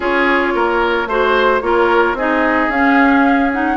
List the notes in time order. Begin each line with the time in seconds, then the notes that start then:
0.00 C#4 F4 G#4 C#5
0.54 A#3 A#4
1.06 A3 F#4 C5
1.61 A#3 F4 A#4 C#5
2.13 C4 D#4 G#4 D#5
2.68 C#4 F5
3.52 D#4 F#5